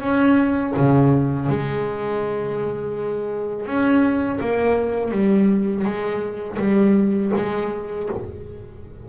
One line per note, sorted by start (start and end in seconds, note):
0.00 0.73 C#4
0.76 1.49 C#3
1.49 3.66 G#3
3.66 4.39 C#4
4.40 5.11 A#3
5.11 5.84 G3
5.84 6.57 G#3
6.59 7.32 G3
7.36 8.09 G#3